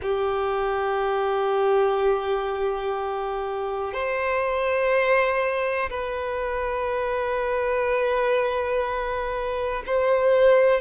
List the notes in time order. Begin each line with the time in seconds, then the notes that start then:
0.02 G4
3.93 C5
5.90 B4
9.86 C5